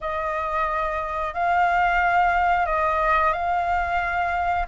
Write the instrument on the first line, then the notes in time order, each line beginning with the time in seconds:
flute
0.01 D#5
1.34 F5
2.65 D#5
3.32 F5